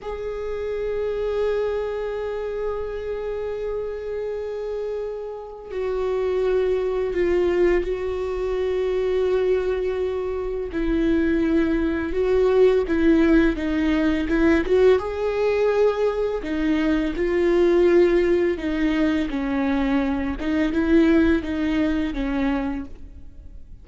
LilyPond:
\new Staff \with { instrumentName = "viola" } { \time 4/4 \tempo 4 = 84 gis'1~ | gis'1 | fis'2 f'4 fis'4~ | fis'2. e'4~ |
e'4 fis'4 e'4 dis'4 | e'8 fis'8 gis'2 dis'4 | f'2 dis'4 cis'4~ | cis'8 dis'8 e'4 dis'4 cis'4 | }